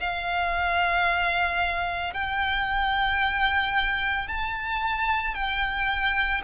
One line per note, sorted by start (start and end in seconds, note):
0.00 2.14 F5
2.14 4.29 G5
4.29 5.35 A5
5.35 6.42 G5